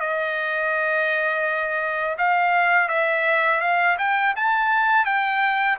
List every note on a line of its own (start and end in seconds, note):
0.00 2.17 D#5
2.18 2.88 F5
2.88 3.61 E5
3.61 3.97 F5
3.99 4.35 G5
4.36 5.05 A5
5.05 5.78 G5